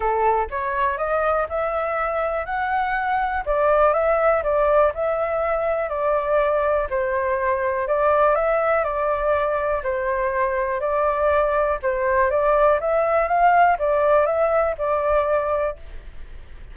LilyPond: \new Staff \with { instrumentName = "flute" } { \time 4/4 \tempo 4 = 122 a'4 cis''4 dis''4 e''4~ | e''4 fis''2 d''4 | e''4 d''4 e''2 | d''2 c''2 |
d''4 e''4 d''2 | c''2 d''2 | c''4 d''4 e''4 f''4 | d''4 e''4 d''2 | }